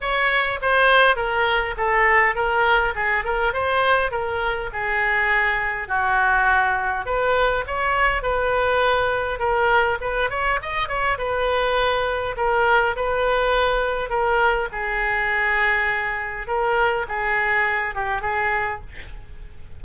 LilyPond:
\new Staff \with { instrumentName = "oboe" } { \time 4/4 \tempo 4 = 102 cis''4 c''4 ais'4 a'4 | ais'4 gis'8 ais'8 c''4 ais'4 | gis'2 fis'2 | b'4 cis''4 b'2 |
ais'4 b'8 cis''8 dis''8 cis''8 b'4~ | b'4 ais'4 b'2 | ais'4 gis'2. | ais'4 gis'4. g'8 gis'4 | }